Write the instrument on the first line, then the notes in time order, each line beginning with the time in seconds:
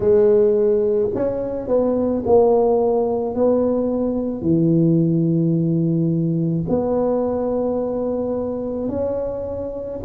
tuba
0.00 G#3
1.14 C#4
1.67 B3
2.25 A#3
3.34 B3
4.41 E3
6.68 B3
8.88 C#4